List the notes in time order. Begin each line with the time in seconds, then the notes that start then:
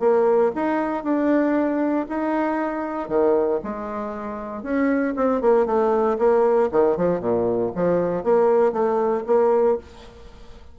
0.00 A#3
0.55 D#4
1.04 D4
2.09 D#4
3.09 D#3
3.64 G#3
4.63 C#4
5.16 C4
5.41 A#3
5.66 A3
6.18 A#3
6.72 D#3
6.97 F3
7.20 A#2
7.75 F3
8.24 A#3
8.73 A3
9.27 A#3